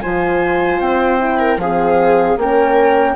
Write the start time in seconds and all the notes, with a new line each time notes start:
0.00 F3 F4 C5 G#5
0.80 C4 G5
1.19 E4
1.39 A#4
1.57 F3 C4 G#4 F5
2.37 A#3 C#4 A#4 G5